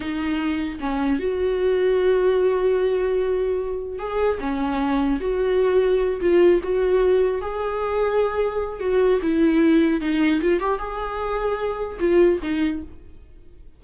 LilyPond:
\new Staff \with { instrumentName = "viola" } { \time 4/4 \tempo 4 = 150 dis'2 cis'4 fis'4~ | fis'1~ | fis'2 gis'4 cis'4~ | cis'4 fis'2~ fis'8 f'8~ |
f'8 fis'2 gis'4.~ | gis'2 fis'4 e'4~ | e'4 dis'4 f'8 g'8 gis'4~ | gis'2 f'4 dis'4 | }